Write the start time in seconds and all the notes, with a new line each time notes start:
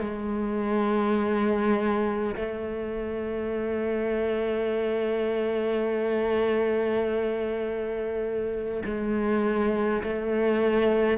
0.00 G#3
2.36 A3
8.85 G#3
10.03 A3